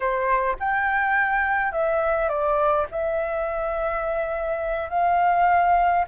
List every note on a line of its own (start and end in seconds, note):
0.00 0.55 C5
0.59 1.72 G5
1.72 2.28 E5
2.28 2.86 D5
2.91 4.89 E5
4.89 6.05 F5